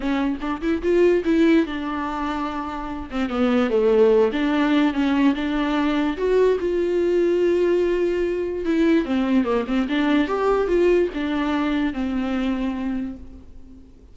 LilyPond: \new Staff \with { instrumentName = "viola" } { \time 4/4 \tempo 4 = 146 cis'4 d'8 e'8 f'4 e'4 | d'2.~ d'8 c'8 | b4 a4. d'4. | cis'4 d'2 fis'4 |
f'1~ | f'4 e'4 c'4 ais8 c'8 | d'4 g'4 f'4 d'4~ | d'4 c'2. | }